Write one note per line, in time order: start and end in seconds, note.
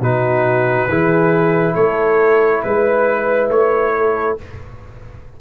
0.00 0.87 B2
0.00 0.89 D#4
0.00 0.88 F#4
0.00 1.75 B4
0.88 1.75 E3
0.88 4.38 E4
0.88 1.73 G#4
1.73 2.63 A3
1.73 2.60 A4
1.73 2.62 C#5
2.63 3.49 G#3
2.63 3.50 B4
2.63 3.94 B4
3.49 4.36 A3
3.49 4.37 C#5
3.97 4.41 A4